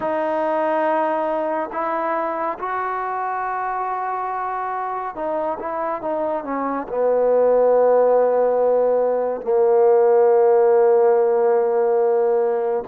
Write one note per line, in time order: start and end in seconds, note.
0.00 1.69 D#4
1.72 2.58 E4
2.58 5.15 F#4
5.15 5.58 D#4
5.59 6.01 E4
6.01 6.44 D#4
6.44 6.86 C#4
6.88 9.41 B3
9.41 12.84 A#3